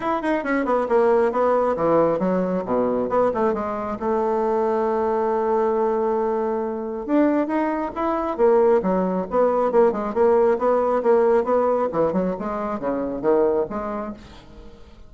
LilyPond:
\new Staff \with { instrumentName = "bassoon" } { \time 4/4 \tempo 4 = 136 e'8 dis'8 cis'8 b8 ais4 b4 | e4 fis4 b,4 b8 a8 | gis4 a2.~ | a1 |
d'4 dis'4 e'4 ais4 | fis4 b4 ais8 gis8 ais4 | b4 ais4 b4 e8 fis8 | gis4 cis4 dis4 gis4 | }